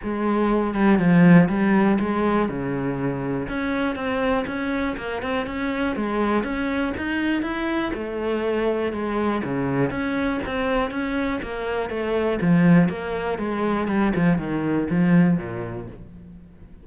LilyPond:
\new Staff \with { instrumentName = "cello" } { \time 4/4 \tempo 4 = 121 gis4. g8 f4 g4 | gis4 cis2 cis'4 | c'4 cis'4 ais8 c'8 cis'4 | gis4 cis'4 dis'4 e'4 |
a2 gis4 cis4 | cis'4 c'4 cis'4 ais4 | a4 f4 ais4 gis4 | g8 f8 dis4 f4 ais,4 | }